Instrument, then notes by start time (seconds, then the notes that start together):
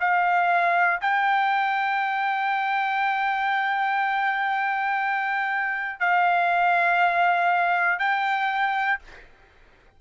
trumpet
0.00 F5
1.01 G5
6.00 F5
7.99 G5